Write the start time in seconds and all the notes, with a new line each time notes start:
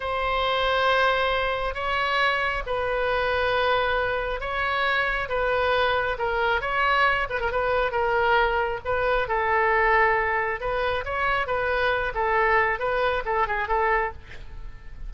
0.00 C5
1.74 C#5
2.66 B4
4.40 C#5
5.28 B4
6.18 A#4
6.61 C#5
7.29 B4
7.40 A#4
7.51 B4
7.91 A#4
8.84 B4
9.28 A4
10.60 B4
11.04 C#5
11.46 B4
12.14 A4
12.79 B4
13.25 A4
13.47 G#4
13.68 A4